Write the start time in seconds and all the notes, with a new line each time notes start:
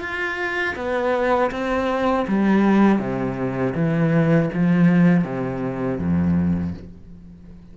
0.00 F4
0.76 B3
1.51 C4
2.27 G3
2.99 C3
3.75 E3
4.53 F3
5.24 C3
5.99 F2